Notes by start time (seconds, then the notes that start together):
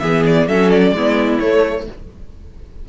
0.00 E3 B3 G#4 E5
0.27 D5
0.48 F#3 C#4 A4 E5
0.71 D5
0.92 G#3 B3 E4
1.40 A3 C#5